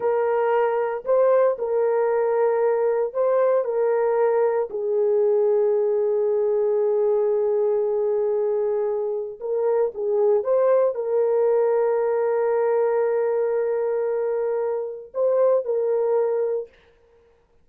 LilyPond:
\new Staff \with { instrumentName = "horn" } { \time 4/4 \tempo 4 = 115 ais'2 c''4 ais'4~ | ais'2 c''4 ais'4~ | ais'4 gis'2.~ | gis'1~ |
gis'2 ais'4 gis'4 | c''4 ais'2.~ | ais'1~ | ais'4 c''4 ais'2 | }